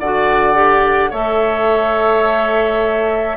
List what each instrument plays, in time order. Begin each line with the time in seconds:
0.00 bassoon D3, clarinet F#4, oboe D5, flute F#5
0.54 clarinet G4
1.11 bassoon A3, clarinet A4, oboe C#5, flute E5